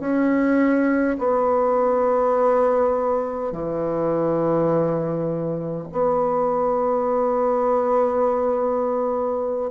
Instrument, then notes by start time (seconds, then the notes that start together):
bassoon
0.00 C#4
1.19 B3
3.52 E3
5.92 B3